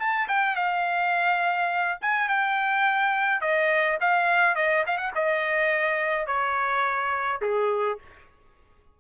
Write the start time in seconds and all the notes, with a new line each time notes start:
0.00 A5
0.29 G5
0.56 F5
2.02 G#5
2.29 G5
3.42 D#5
4.01 F5
4.56 D#5
4.87 F5
4.98 F#5
5.15 D#5
6.27 C#5
7.42 G#4